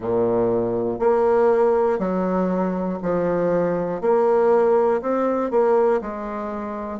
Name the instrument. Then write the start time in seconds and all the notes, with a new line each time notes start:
bassoon
0.00 A#2
0.99 A#3
1.99 F#3
3.02 F3
4.01 A#3
5.01 C4
5.50 A#3
6.00 G#3